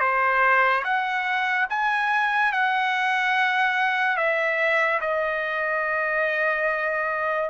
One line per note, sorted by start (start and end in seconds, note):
0.00 0.83 C5
0.84 1.67 F#5
1.70 2.52 G#5
2.52 4.17 F#5
4.17 5.00 E5
5.01 7.50 D#5